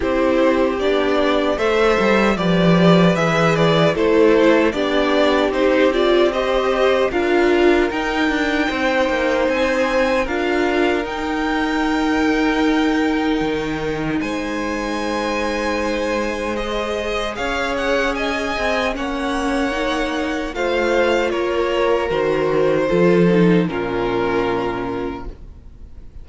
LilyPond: <<
  \new Staff \with { instrumentName = "violin" } { \time 4/4 \tempo 4 = 76 c''4 d''4 e''4 d''4 | e''8 d''8 c''4 d''4 c''8 d''8 | dis''4 f''4 g''2 | gis''4 f''4 g''2~ |
g''2 gis''2~ | gis''4 dis''4 f''8 fis''8 gis''4 | fis''2 f''4 cis''4 | c''2 ais'2 | }
  \new Staff \with { instrumentName = "violin" } { \time 4/4 g'2 c''4 b'4~ | b'4 a'4 g'2 | c''4 ais'2 c''4~ | c''4 ais'2.~ |
ais'2 c''2~ | c''2 cis''4 dis''4 | cis''2 c''4 ais'4~ | ais'4 a'4 f'2 | }
  \new Staff \with { instrumentName = "viola" } { \time 4/4 e'4 d'4 a'4 g'4 | gis'4 e'4 d'4 dis'8 f'8 | g'4 f'4 dis'2~ | dis'4 f'4 dis'2~ |
dis'1~ | dis'4 gis'2. | cis'4 dis'4 f'2 | fis'4 f'8 dis'8 cis'2 | }
  \new Staff \with { instrumentName = "cello" } { \time 4/4 c'4 b4 a8 g8 f4 | e4 a4 b4 c'4~ | c'4 d'4 dis'8 d'8 c'8 ais8 | c'4 d'4 dis'2~ |
dis'4 dis4 gis2~ | gis2 cis'4. c'8 | ais2 a4 ais4 | dis4 f4 ais,2 | }
>>